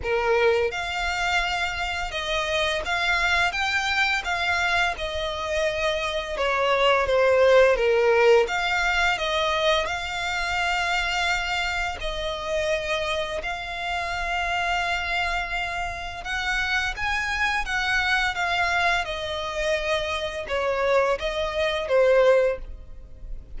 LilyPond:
\new Staff \with { instrumentName = "violin" } { \time 4/4 \tempo 4 = 85 ais'4 f''2 dis''4 | f''4 g''4 f''4 dis''4~ | dis''4 cis''4 c''4 ais'4 | f''4 dis''4 f''2~ |
f''4 dis''2 f''4~ | f''2. fis''4 | gis''4 fis''4 f''4 dis''4~ | dis''4 cis''4 dis''4 c''4 | }